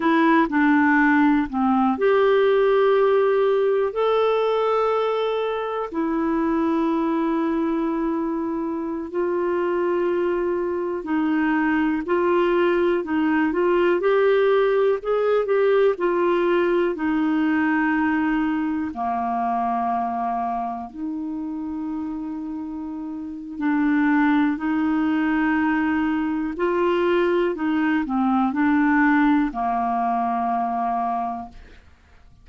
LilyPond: \new Staff \with { instrumentName = "clarinet" } { \time 4/4 \tempo 4 = 61 e'8 d'4 c'8 g'2 | a'2 e'2~ | e'4~ e'16 f'2 dis'8.~ | dis'16 f'4 dis'8 f'8 g'4 gis'8 g'16~ |
g'16 f'4 dis'2 ais8.~ | ais4~ ais16 dis'2~ dis'8. | d'4 dis'2 f'4 | dis'8 c'8 d'4 ais2 | }